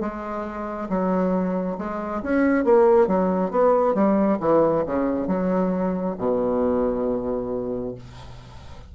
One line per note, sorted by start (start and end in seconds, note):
0.00 0.88 G#3
0.89 1.77 F#3
1.78 2.22 G#3
2.23 2.64 C#4
2.64 3.07 A#3
3.07 3.51 F#3
3.51 3.94 B3
3.94 4.38 G3
4.40 4.84 E3
4.86 5.27 C#3
5.27 6.15 F#3
6.18 7.95 B2